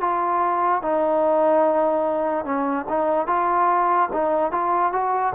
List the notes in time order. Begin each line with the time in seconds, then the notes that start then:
0.00 F4
0.82 D#4
2.44 C#4
2.88 D#4
3.27 F4
4.12 D#4
4.51 F4
4.92 F#4